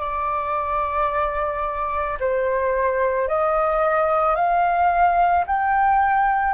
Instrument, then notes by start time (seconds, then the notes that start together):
flute
0.00 D5
2.20 C5
3.28 D#5
4.35 F5
5.47 G5